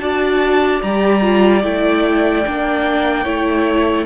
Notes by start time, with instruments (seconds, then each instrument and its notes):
0.00 cello D4, viola F#4, violin D5 A5
0.82 cello G3, viola G4, violin A#5
1.21 viola F4
1.63 cello A3, viola E4, violin G5
2.46 cello A#3, viola D4
3.24 cello A3, viola E4, violin C#5